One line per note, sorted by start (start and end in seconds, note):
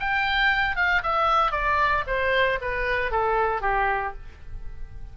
0.00 0.76 G5
0.76 1.02 F5
1.03 1.52 E5
1.52 2.04 D5
2.07 2.59 C5
2.61 3.11 B4
3.11 3.61 A4
3.61 4.14 G4